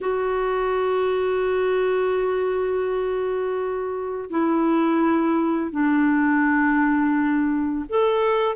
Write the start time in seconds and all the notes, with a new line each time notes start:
0.00 F#4
4.30 E4
5.71 D4
7.89 A4